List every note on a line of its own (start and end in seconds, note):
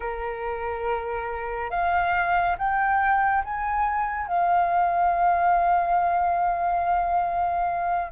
0.00 1.70 A#4
1.70 2.56 F5
2.58 3.43 G5
3.44 4.27 G#5
4.27 8.12 F5